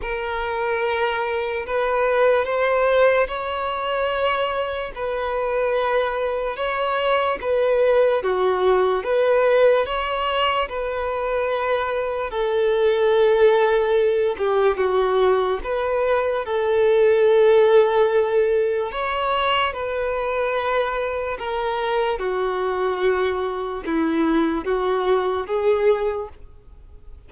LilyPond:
\new Staff \with { instrumentName = "violin" } { \time 4/4 \tempo 4 = 73 ais'2 b'4 c''4 | cis''2 b'2 | cis''4 b'4 fis'4 b'4 | cis''4 b'2 a'4~ |
a'4. g'8 fis'4 b'4 | a'2. cis''4 | b'2 ais'4 fis'4~ | fis'4 e'4 fis'4 gis'4 | }